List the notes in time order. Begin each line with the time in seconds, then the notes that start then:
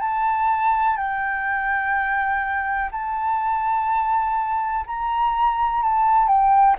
0.00 A5
0.96 G5
2.91 A5
4.87 A#5
5.82 A5
6.28 G5